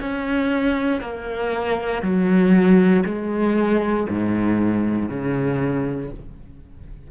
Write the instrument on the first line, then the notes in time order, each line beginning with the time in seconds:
cello
0.00 C#4
1.01 A#3
2.02 F#3
3.05 G#3
4.09 G#2
5.08 C#3